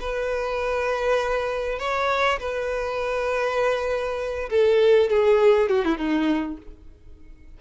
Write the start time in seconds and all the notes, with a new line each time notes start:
0.00 B4
1.79 C#5
2.39 B4
4.49 A4
5.10 G#4
5.69 F#4
5.84 E4
5.97 D#4